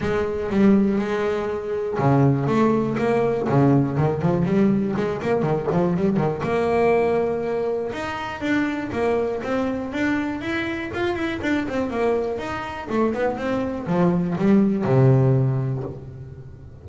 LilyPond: \new Staff \with { instrumentName = "double bass" } { \time 4/4 \tempo 4 = 121 gis4 g4 gis2 | cis4 a4 ais4 cis4 | dis8 f8 g4 gis8 ais8 dis8 f8 | g8 dis8 ais2. |
dis'4 d'4 ais4 c'4 | d'4 e'4 f'8 e'8 d'8 c'8 | ais4 dis'4 a8 b8 c'4 | f4 g4 c2 | }